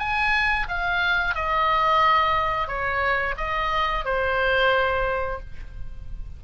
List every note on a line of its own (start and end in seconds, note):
0.00 0.67 G#5
0.69 1.35 F5
1.35 2.68 D#5
2.68 3.36 C#5
3.38 4.05 D#5
4.05 5.40 C5